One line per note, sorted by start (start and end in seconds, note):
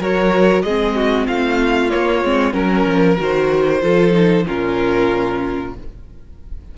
0.00 0.64 F#3
0.00 0.66 F#4
0.00 0.64 A#4
0.00 0.62 C#5
0.62 1.27 G#3
0.62 1.91 C4
0.62 0.96 G#4
0.62 1.26 D#5
0.96 1.28 F#4
1.28 1.92 A3
1.28 2.54 F4
1.28 1.90 F5
1.90 2.23 A#3
1.90 2.25 A#3
1.90 2.53 C#5
2.25 2.54 G#3
2.25 2.52 C4
2.52 2.86 F#3
2.52 3.16 C#4
2.52 3.17 A#4
2.52 3.82 A#4
2.86 3.18 F3
3.17 3.83 D#3
3.17 3.81 F#4
3.17 4.47 C5
3.82 4.46 F3
3.82 4.12 F4
3.82 4.46 A4
4.12 4.44 D#4
4.47 5.78 A#2
4.47 5.74 C#4
4.47 5.74 F4
4.47 5.75 A#4